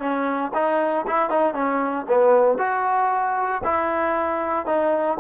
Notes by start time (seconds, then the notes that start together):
0.00 C#4
0.54 D#4
1.07 E4
1.30 D#4
1.54 C#4
2.09 B3
2.58 F#4
3.64 E4
4.66 D#4